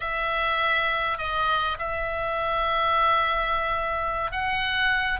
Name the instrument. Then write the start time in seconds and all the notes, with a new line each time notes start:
oboe
0.00 E5
1.18 D#5
1.78 E5
4.31 F#5